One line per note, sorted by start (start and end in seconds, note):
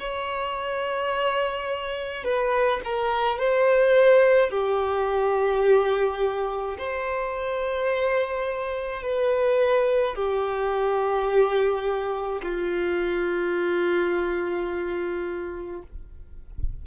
0.00 2.24 C#5
2.24 2.81 B4
2.85 3.39 A#4
3.39 4.51 C5
4.51 6.77 G4
6.78 9.03 C5
9.03 10.15 B4
10.15 12.42 G4
12.43 15.82 F4